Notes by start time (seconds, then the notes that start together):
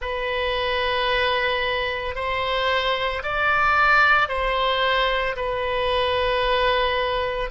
0.00 B4
2.15 C5
3.22 D5
4.28 C5
5.36 B4